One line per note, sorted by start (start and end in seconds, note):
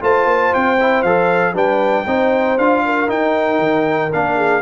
0.00 0.25 A3
0.00 0.77 F4
0.00 1.54 C5
0.00 0.54 A5
0.25 0.51 A#3
0.54 1.03 C4
0.54 1.02 G5
0.80 1.05 E4
1.02 1.53 F3
1.02 1.53 A4
1.02 1.54 F5
1.53 2.05 G3
1.53 2.05 D4
1.53 2.05 B4
1.53 2.58 G5
2.06 2.57 C4
2.06 2.58 D#4
2.06 2.84 C5
2.57 3.09 D4
2.57 3.07 F4
2.57 3.09 F5
2.85 4.36 A#4
3.07 4.10 D#4
3.07 3.58 D#4
3.07 4.12 G5
3.58 4.10 D#3
4.12 4.61 A#3
4.12 4.61 D4
4.12 4.61 F5
4.36 4.61 G#4